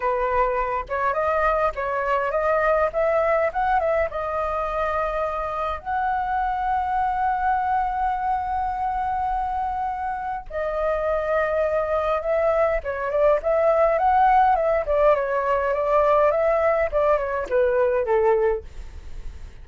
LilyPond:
\new Staff \with { instrumentName = "flute" } { \time 4/4 \tempo 4 = 103 b'4. cis''8 dis''4 cis''4 | dis''4 e''4 fis''8 e''8 dis''4~ | dis''2 fis''2~ | fis''1~ |
fis''2 dis''2~ | dis''4 e''4 cis''8 d''8 e''4 | fis''4 e''8 d''8 cis''4 d''4 | e''4 d''8 cis''8 b'4 a'4 | }